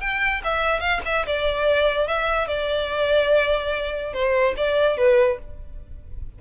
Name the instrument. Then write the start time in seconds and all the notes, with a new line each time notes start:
violin
0.00 G5
0.44 E5
0.80 F5
1.05 E5
1.26 D5
2.07 E5
2.47 D5
4.13 C5
4.56 D5
4.97 B4